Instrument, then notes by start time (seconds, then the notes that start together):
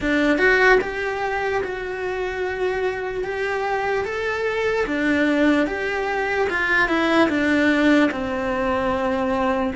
cello
0.00 D4
0.38 F#4
0.81 G4
1.63 F#4
3.24 G4
4.04 A4
4.86 D4
5.66 G4
6.49 F4
6.88 E4
7.29 D4
8.11 C4